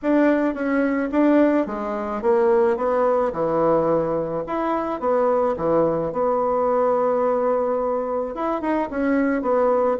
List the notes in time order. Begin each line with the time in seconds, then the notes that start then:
0.02 D4
0.54 C#4
1.11 D4
1.66 G#3
2.22 A#3
2.76 B3
3.33 E3
4.46 E4
5.00 B3
5.56 E3
6.12 B3
8.34 E4
8.61 D#4
8.90 C#4
9.42 B3